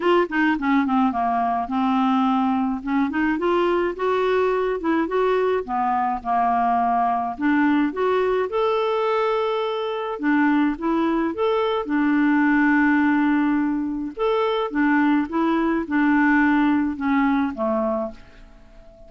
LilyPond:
\new Staff \with { instrumentName = "clarinet" } { \time 4/4 \tempo 4 = 106 f'8 dis'8 cis'8 c'8 ais4 c'4~ | c'4 cis'8 dis'8 f'4 fis'4~ | fis'8 e'8 fis'4 b4 ais4~ | ais4 d'4 fis'4 a'4~ |
a'2 d'4 e'4 | a'4 d'2.~ | d'4 a'4 d'4 e'4 | d'2 cis'4 a4 | }